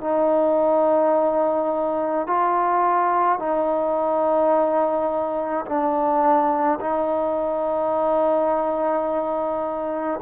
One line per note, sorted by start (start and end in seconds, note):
0.00 2.26 D#4
2.26 3.39 F4
3.39 5.66 D#4
5.66 6.79 D4
6.80 10.20 D#4